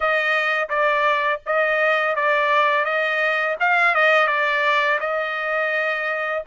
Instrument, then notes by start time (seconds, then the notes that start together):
trumpet
0.00 D#5
0.69 D5
1.45 D#5
2.15 D5
2.84 D#5
3.59 F5
3.94 D#5
4.27 D5
5.00 D#5